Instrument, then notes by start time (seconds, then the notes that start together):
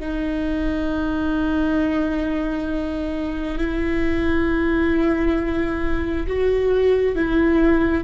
viola
0.00 D#4
3.58 E4
6.28 F#4
7.16 E4